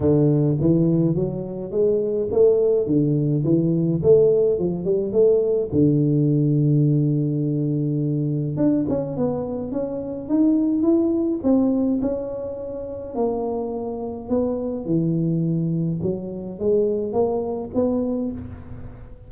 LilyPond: \new Staff \with { instrumentName = "tuba" } { \time 4/4 \tempo 4 = 105 d4 e4 fis4 gis4 | a4 d4 e4 a4 | f8 g8 a4 d2~ | d2. d'8 cis'8 |
b4 cis'4 dis'4 e'4 | c'4 cis'2 ais4~ | ais4 b4 e2 | fis4 gis4 ais4 b4 | }